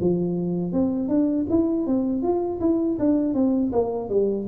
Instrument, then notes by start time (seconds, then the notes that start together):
tuba
0.00 F3
0.72 C4
1.08 D4
1.49 E4
1.86 C4
2.22 F4
2.60 E4
2.99 D4
3.34 C4
3.72 A#3
4.09 G3